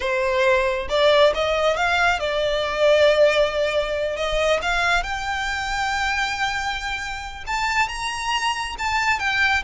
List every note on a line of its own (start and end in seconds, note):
0.00 0.88 C5
0.89 1.33 D5
1.34 1.76 D#5
1.76 2.19 F5
2.19 4.16 D5
4.16 4.60 D#5
4.61 5.03 F5
5.03 7.44 G5
7.46 7.88 A5
7.88 8.76 A#5
8.78 9.19 A5
9.19 9.63 G5